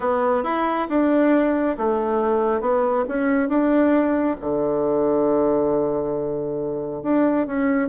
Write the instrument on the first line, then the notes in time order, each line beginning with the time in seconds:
bassoon
0.00 B3
0.43 E4
0.89 D4
1.77 A3
2.60 B3
3.08 C#4
3.49 D4
4.40 D3
7.03 D4
7.46 C#4